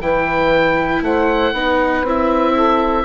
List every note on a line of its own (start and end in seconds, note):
0.00 1.01 E3
0.00 1.54 E4
0.00 1.03 B4
0.00 1.02 G5
1.01 1.52 A3
1.01 1.53 C5
1.01 2.05 F#5
1.53 2.03 B3
1.53 2.05 D#4
1.53 2.53 B4
2.03 3.04 C4
2.03 3.05 E4
2.03 3.05 E5
2.53 3.04 A4